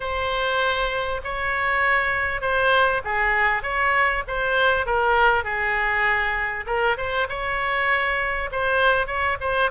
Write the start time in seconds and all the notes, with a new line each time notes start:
0.00 C5
1.24 C#5
2.41 C5
3.04 G#4
3.62 C#5
4.27 C5
4.86 A#4
5.44 G#4
6.66 A#4
6.97 C5
7.29 C#5
8.51 C5
9.06 C#5
9.40 C5